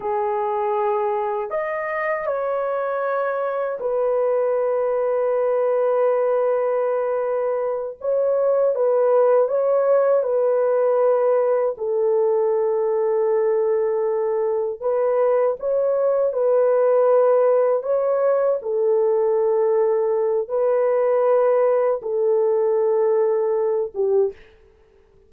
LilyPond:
\new Staff \with { instrumentName = "horn" } { \time 4/4 \tempo 4 = 79 gis'2 dis''4 cis''4~ | cis''4 b'2.~ | b'2~ b'8 cis''4 b'8~ | b'8 cis''4 b'2 a'8~ |
a'2.~ a'8 b'8~ | b'8 cis''4 b'2 cis''8~ | cis''8 a'2~ a'8 b'4~ | b'4 a'2~ a'8 g'8 | }